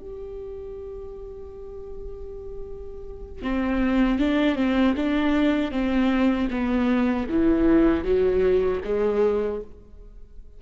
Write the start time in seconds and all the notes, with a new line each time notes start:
0.00 G4
3.42 C4
4.19 D4
4.55 C4
4.96 D4
5.71 C4
6.50 B3
7.29 E3
8.03 F#3
8.84 G#3